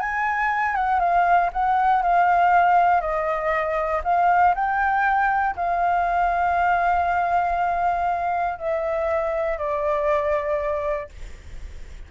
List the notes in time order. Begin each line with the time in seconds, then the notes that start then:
0.00 G#5
0.75 F#5
1.00 F5
1.53 F#5
2.03 F5
3.01 D#5
4.04 F5
4.55 G5
5.56 F5
8.59 E5
9.58 D5